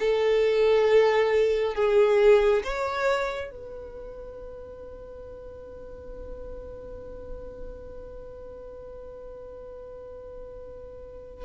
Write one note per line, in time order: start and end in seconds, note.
0.00 1.75 A4
1.75 2.63 G#4
2.64 3.51 C#5
3.51 11.45 B4